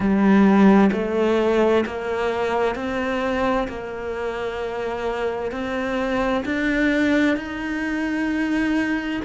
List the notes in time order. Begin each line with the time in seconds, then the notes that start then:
0.00 G3
0.92 A3
1.86 A#3
2.75 C4
3.68 A#3
5.51 C4
6.45 D4
7.36 D#4